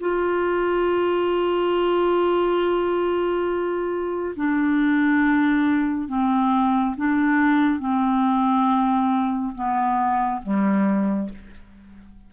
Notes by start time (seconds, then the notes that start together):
0.00 F4
4.36 D4
6.08 C4
6.97 D4
7.79 C4
9.55 B3
10.43 G3